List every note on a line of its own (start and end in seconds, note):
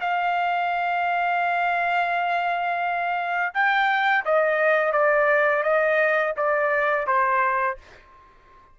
0.00 3.53 F5
3.54 4.24 G5
4.25 4.92 D#5
4.92 5.63 D5
5.63 6.33 D#5
6.37 7.07 D5
7.07 7.77 C5